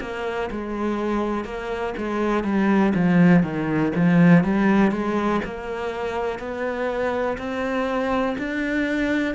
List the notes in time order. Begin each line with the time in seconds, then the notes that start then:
0.00 A#3
0.51 G#3
1.44 A#3
1.97 G#3
2.43 G3
2.95 F3
3.43 D#3
3.95 F3
4.44 G3
4.91 G#3
5.44 A#3
6.39 B3
7.37 C4
8.38 D4